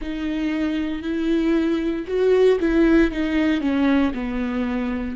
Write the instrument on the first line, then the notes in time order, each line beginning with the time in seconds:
viola
0.00 D#4
1.02 E4
2.07 F#4
2.60 E4
3.11 D#4
3.60 C#4
4.14 B3